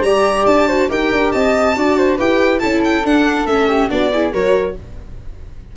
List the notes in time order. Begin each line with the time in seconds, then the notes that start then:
0.00 G3 G4 D5 A#5
0.45 D4 A5
0.67 F#4 C5
0.88 D#4 G4 A#4 G5
1.12 D4
1.31 C4 D#5 A5
1.75 D4 F#4 D5
1.97 C5
2.17 E4 G4 B4 G5
2.59 C#4 E4 A4 A5
2.84 G5
3.04 D4 F#5
3.45 A3 C#4 E5
3.67 G4
3.88 B3 D4 F#4 D5
4.12 E4 G#4
4.32 F#3 F#4 A#4 C#5